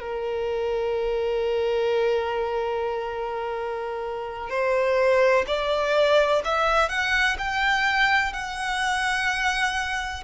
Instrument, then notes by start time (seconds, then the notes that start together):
violin
0.00 A#4
4.49 C5
5.47 D5
6.44 E5
6.89 F#5
7.38 G5
8.33 F#5